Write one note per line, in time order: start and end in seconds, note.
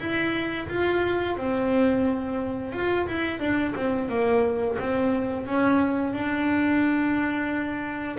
0.00 0.68 E4
0.69 1.37 F4
1.37 2.73 C4
2.73 3.07 F4
3.07 3.40 E4
3.40 3.74 D4
3.76 4.09 C4
4.09 4.78 A#3
4.79 5.47 C4
5.47 6.14 C#4
6.14 8.18 D4